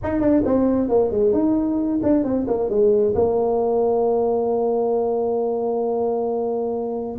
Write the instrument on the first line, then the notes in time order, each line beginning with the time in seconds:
tuba
0.03 D#4
0.20 D4
0.45 C4
0.88 A#3
1.11 G#3
1.32 D#4
2.02 D4
2.23 C4
2.47 A#3
2.69 G#3
3.14 A#3